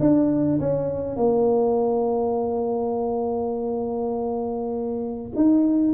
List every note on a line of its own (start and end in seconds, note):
0.00 0.59 D4
0.60 1.17 C#4
1.17 5.32 A#3
5.36 5.94 D#4